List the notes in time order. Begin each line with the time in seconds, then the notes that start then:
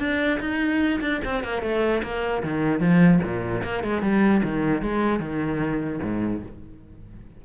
0.00 D4
0.41 D#4
1.01 D4
1.25 C4
1.44 A#3
1.62 A3
2.03 A#3
2.44 D#3
2.80 F3
3.24 A#2
3.64 A#3
3.84 G#3
4.02 G3
4.44 D#3
4.83 G#3
5.20 D#3
6.03 G#2